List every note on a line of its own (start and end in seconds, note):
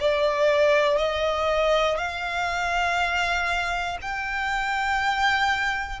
0.00 0.97 D5
0.97 1.97 D#5
1.97 3.97 F5
4.01 6.00 G5